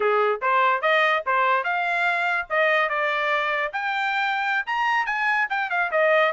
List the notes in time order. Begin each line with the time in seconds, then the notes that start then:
0.00 G#4
0.41 C5
0.81 D#5
1.26 C5
1.63 F5
2.49 D#5
2.89 D5
3.73 G5
4.66 A#5
5.06 G#5
5.49 G5
5.70 F5
5.91 D#5